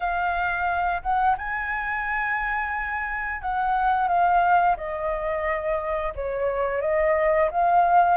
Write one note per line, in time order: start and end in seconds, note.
0.00 1.02 F5
1.02 1.36 F#5
1.37 3.41 G#5
3.41 4.08 F#5
4.08 4.76 F5
4.77 6.13 D#5
6.15 6.81 C#5
6.81 7.49 D#5
7.50 8.17 F5